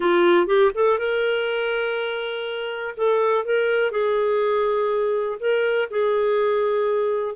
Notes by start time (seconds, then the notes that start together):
0.00 F4
0.46 G4
0.74 A4
0.98 A#4
2.96 A4
3.44 A#4
3.91 G#4
5.39 A#4
5.90 G#4